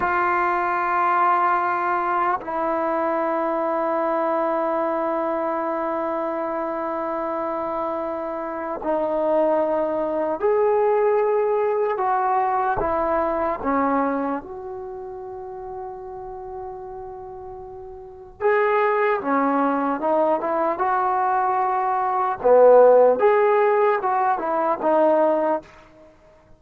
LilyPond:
\new Staff \with { instrumentName = "trombone" } { \time 4/4 \tempo 4 = 75 f'2. e'4~ | e'1~ | e'2. dis'4~ | dis'4 gis'2 fis'4 |
e'4 cis'4 fis'2~ | fis'2. gis'4 | cis'4 dis'8 e'8 fis'2 | b4 gis'4 fis'8 e'8 dis'4 | }